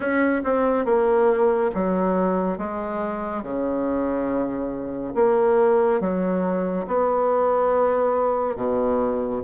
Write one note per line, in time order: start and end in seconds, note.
0.00 0.42 C#4
0.44 0.85 C4
0.85 1.70 A#3
1.74 2.58 F#3
2.58 3.42 G#3
3.42 5.14 C#3
5.14 6.00 A#3
6.00 6.86 F#3
6.87 8.56 B3
8.56 9.41 B2